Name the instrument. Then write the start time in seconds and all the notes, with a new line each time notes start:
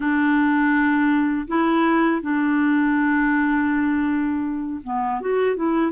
clarinet
0.00 D4
1.47 E4
2.21 D4
4.83 B3
5.20 F#4
5.56 E4